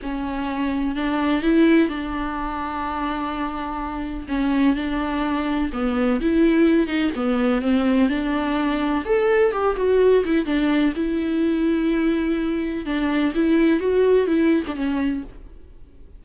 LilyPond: \new Staff \with { instrumentName = "viola" } { \time 4/4 \tempo 4 = 126 cis'2 d'4 e'4 | d'1~ | d'4 cis'4 d'2 | b4 e'4. dis'8 b4 |
c'4 d'2 a'4 | g'8 fis'4 e'8 d'4 e'4~ | e'2. d'4 | e'4 fis'4 e'8. d'16 cis'4 | }